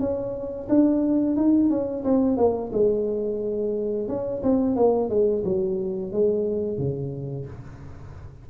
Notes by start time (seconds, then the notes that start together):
0.00 C#4
0.69 D4
1.36 D#4
1.70 C#4
2.05 C4
2.38 A#3
2.73 G#3
4.08 C#4
4.43 C4
4.76 A#3
5.10 G#3
5.45 F#3
6.12 G#3
6.78 C#3